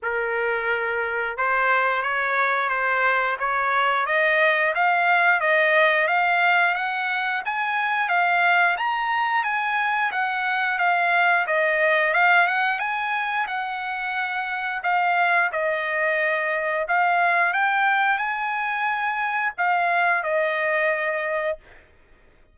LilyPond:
\new Staff \with { instrumentName = "trumpet" } { \time 4/4 \tempo 4 = 89 ais'2 c''4 cis''4 | c''4 cis''4 dis''4 f''4 | dis''4 f''4 fis''4 gis''4 | f''4 ais''4 gis''4 fis''4 |
f''4 dis''4 f''8 fis''8 gis''4 | fis''2 f''4 dis''4~ | dis''4 f''4 g''4 gis''4~ | gis''4 f''4 dis''2 | }